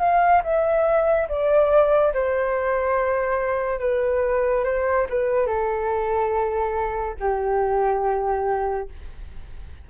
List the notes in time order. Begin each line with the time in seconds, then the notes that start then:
0.00 F5
0.44 E5
1.29 D5
2.14 C5
3.80 B4
4.65 C5
5.10 B4
5.47 A4
7.20 G4